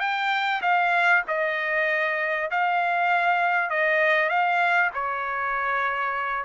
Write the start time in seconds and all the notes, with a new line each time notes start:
0.00 G5
0.61 F5
1.27 D#5
2.51 F5
3.70 D#5
4.29 F5
4.94 C#5